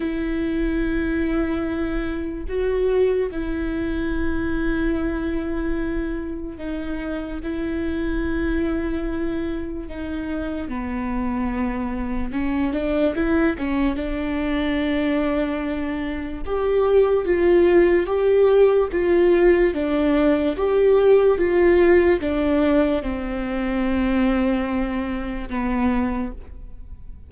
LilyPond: \new Staff \with { instrumentName = "viola" } { \time 4/4 \tempo 4 = 73 e'2. fis'4 | e'1 | dis'4 e'2. | dis'4 b2 cis'8 d'8 |
e'8 cis'8 d'2. | g'4 f'4 g'4 f'4 | d'4 g'4 f'4 d'4 | c'2. b4 | }